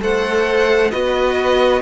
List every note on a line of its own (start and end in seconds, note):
0.00 0.92 A3
0.00 0.91 A4
0.00 0.91 C5
0.00 0.91 F#5
0.91 1.82 B3
0.91 1.82 F#4
0.91 1.82 B4
0.91 1.82 D#5